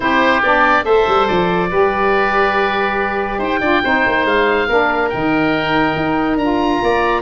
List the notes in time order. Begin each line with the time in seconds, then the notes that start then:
0.00 C4 E4 G4 C5
0.42 B3 D4 D5
0.83 A3 A4 C5 E5
1.07 G3
1.27 F3 D5
1.70 G3 G4 B4
3.38 D#4 C5 G5
3.60 D4 F4 D5
3.82 C4 D#4 C5
4.06 A#3
4.25 G#3 F5
4.68 A#3 D4 A#4
5.09 D#3 D#4 G5
5.95 D#4
6.36 D4 F4 A#5
6.82 A#3 D5